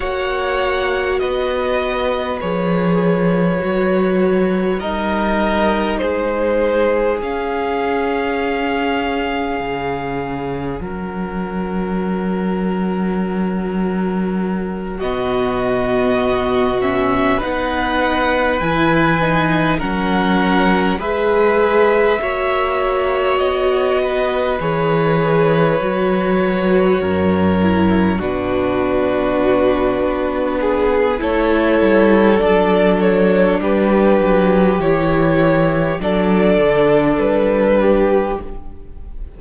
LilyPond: <<
  \new Staff \with { instrumentName = "violin" } { \time 4/4 \tempo 4 = 50 fis''4 dis''4 cis''2 | dis''4 c''4 f''2~ | f''4 fis''2.~ | fis''8 dis''4. e''8 fis''4 gis''8~ |
gis''8 fis''4 e''2 dis''8~ | dis''8 cis''2. b'8~ | b'2 cis''4 d''8 cis''8 | b'4 cis''4 d''4 b'4 | }
  \new Staff \with { instrumentName = "violin" } { \time 4/4 cis''4 b'2. | ais'4 gis'2.~ | gis'4 ais'2.~ | ais'8 fis'2 b'4.~ |
b'8 ais'4 b'4 cis''4. | b'2~ b'8 ais'4 fis'8~ | fis'4. gis'8 a'2 | g'2 a'4. g'8 | }
  \new Staff \with { instrumentName = "viola" } { \time 4/4 fis'2 gis'4 fis'4 | dis'2 cis'2~ | cis'1~ | cis'8 b4. cis'8 dis'4 e'8 |
dis'8 cis'4 gis'4 fis'4.~ | fis'8 gis'4 fis'4. e'8 d'8~ | d'2 e'4 d'4~ | d'4 e'4 d'2 | }
  \new Staff \with { instrumentName = "cello" } { \time 4/4 ais4 b4 f4 fis4 | g4 gis4 cis'2 | cis4 fis2.~ | fis8 b,2 b4 e8~ |
e8 fis4 gis4 ais4 b8~ | b8 e4 fis4 fis,4 b,8~ | b,4 b4 a8 g8 fis4 | g8 fis8 e4 fis8 d8 g4 | }
>>